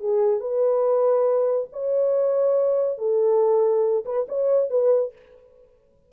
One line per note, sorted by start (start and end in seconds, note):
0.00 0.40 G#4
0.40 1.68 B4
1.73 2.98 C#5
2.98 4.04 A4
4.05 4.26 B4
4.28 4.70 C#5
4.70 5.12 B4